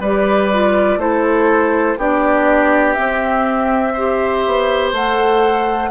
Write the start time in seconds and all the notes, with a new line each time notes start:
0.00 G3 G4 B4 D5
0.52 F4
0.97 A3 E4 A4 C5
1.97 B3 D4 G4 D5
2.93 C4 E5
3.93 G4 C5
4.46 B3
4.92 A3 A4 F#5